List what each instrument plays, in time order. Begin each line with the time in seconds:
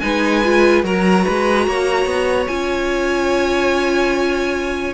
0.00 cello G#3, viola D#4, violin B4 G#5
0.44 viola F4
0.84 cello F#3, viola F#4, violin A#4 A#5
1.24 cello G#3, violin B4
1.68 cello A#3, violin C#5
2.06 cello B3
2.48 cello C#4, viola F4, violin G#5